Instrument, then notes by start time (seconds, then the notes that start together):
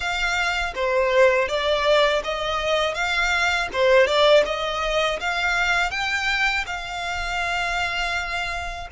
violin
0.00 F5
0.74 C5
1.48 D5
2.24 D#5
2.94 F5
3.72 C5
4.06 D5
4.45 D#5
5.20 F5
5.90 G5
6.66 F5